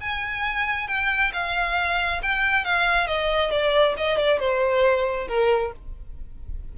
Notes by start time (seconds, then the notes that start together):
0.00 G#5
0.87 G5
1.33 F5
2.22 G5
2.64 F5
3.07 D#5
3.50 D5
3.96 D#5
4.18 D5
4.39 C5
5.28 A#4